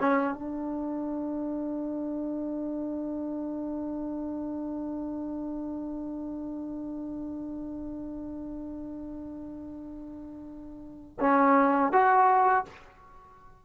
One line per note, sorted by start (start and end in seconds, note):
0.00 0.34 C#4
0.34 11.18 D4
11.20 11.92 C#4
11.92 12.65 F#4